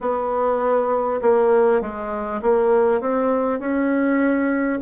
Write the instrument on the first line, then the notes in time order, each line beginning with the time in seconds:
bassoon
0.00 B3
1.21 A#3
1.81 G#3
2.42 A#3
3.01 C4
3.59 C#4